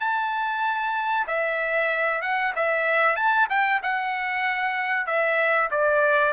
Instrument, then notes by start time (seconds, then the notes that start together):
trumpet
0.00 A5
1.27 E5
2.22 F#5
2.56 E5
3.16 A5
3.50 G5
3.83 F#5
5.06 E5
5.71 D5